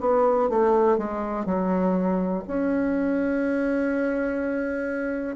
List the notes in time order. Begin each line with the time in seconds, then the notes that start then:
0.00 B3
0.49 A3
0.97 G#3
1.45 F#3
2.47 C#4